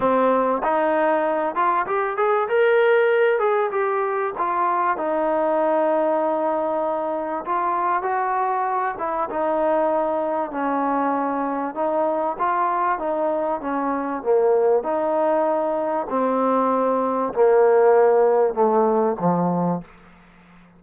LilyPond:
\new Staff \with { instrumentName = "trombone" } { \time 4/4 \tempo 4 = 97 c'4 dis'4. f'8 g'8 gis'8 | ais'4. gis'8 g'4 f'4 | dis'1 | f'4 fis'4. e'8 dis'4~ |
dis'4 cis'2 dis'4 | f'4 dis'4 cis'4 ais4 | dis'2 c'2 | ais2 a4 f4 | }